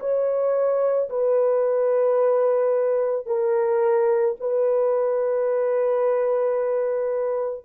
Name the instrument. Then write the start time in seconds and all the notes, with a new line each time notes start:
horn
0.00 C#5
1.10 B4
3.27 A#4
4.41 B4